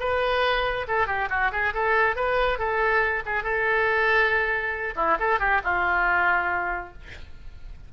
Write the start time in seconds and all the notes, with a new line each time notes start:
0.00 B4
0.88 A4
1.08 G4
1.30 F#4
1.52 G#4
1.74 A4
2.16 B4
2.59 A4
3.26 G#4
3.44 A4
4.96 E4
5.20 A4
5.40 G4
5.64 F4